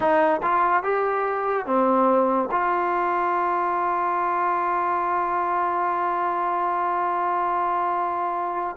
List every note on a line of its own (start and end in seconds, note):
0.00 0.41 D#4
0.42 0.83 F4
0.83 1.66 G4
1.66 2.49 C4
2.51 8.76 F4